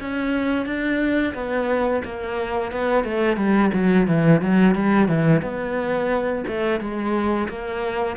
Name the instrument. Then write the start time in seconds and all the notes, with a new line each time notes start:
cello
0.00 C#4
0.65 D4
1.34 B3
2.04 A#3
2.71 B3
3.04 A3
3.36 G3
3.73 F#3
4.07 E3
4.41 F#3
4.75 G3
5.08 E3
5.41 B3
6.47 A3
6.80 G#3
7.48 A#3